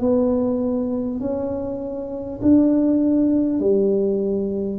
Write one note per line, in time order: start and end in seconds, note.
0.00 1.20 B3
1.21 2.41 C#4
2.42 3.59 D4
3.59 4.79 G3